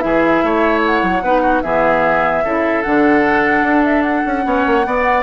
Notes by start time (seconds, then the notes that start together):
0.00 E3 E4 G#4 E5
0.43 A3 C#5
0.86 F#5
1.03 F#3
1.23 B3 D#4 B4
1.42 F#4
1.62 E3 B3 G#4 E5
2.45 C#3 E4 A4
2.83 D3 D4 F#5
3.63 D4
3.84 E5
4.03 F#5
4.26 C#4
4.44 B3 C#4 C#5
4.67 A#3
4.86 B3 D5